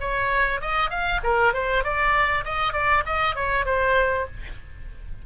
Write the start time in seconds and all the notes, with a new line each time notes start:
0.00 C#5
0.61 D#5
0.90 F5
1.23 A#4
1.53 C5
1.83 D5
2.44 D#5
2.73 D5
3.06 D#5
3.35 C#5
3.65 C5